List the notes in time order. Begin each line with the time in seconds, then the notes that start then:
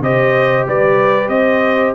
0.00 C3 G4 C5 D#5
0.67 G3 B4 D5
1.28 C4 C5 D#5